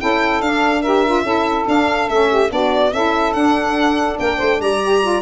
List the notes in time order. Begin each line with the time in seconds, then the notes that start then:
0.00 C#4 E4 A4 G5
0.41 D4 F5
0.81 G4 A#4 E5
1.06 F4
1.24 C#4 E4 A4
1.66 D4 F5
2.08 A3 C#4 E5
2.29 G4
2.49 B3 D4 F#4 D5
2.92 C#4 E4 A4 E5
3.33 D4 F#5
4.19 A#3 A#4 G5
4.37 A3 C5
4.60 G3 D5 A#5
4.84 G4
5.02 F4